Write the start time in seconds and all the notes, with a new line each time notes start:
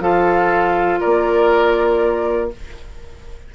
0.00 F3 F4 A4 F5
1.00 A#3 A#4 D5